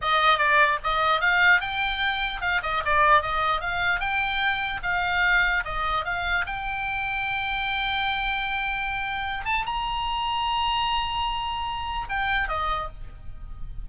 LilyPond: \new Staff \with { instrumentName = "oboe" } { \time 4/4 \tempo 4 = 149 dis''4 d''4 dis''4 f''4 | g''2 f''8 dis''8 d''4 | dis''4 f''4 g''2 | f''2 dis''4 f''4 |
g''1~ | g''2.~ g''8 a''8 | ais''1~ | ais''2 g''4 dis''4 | }